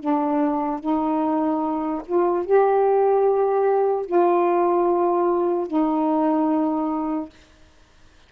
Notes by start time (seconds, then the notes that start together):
0.00 D4
0.80 D#4
2.06 F4
2.46 G4
4.06 F4
5.68 D#4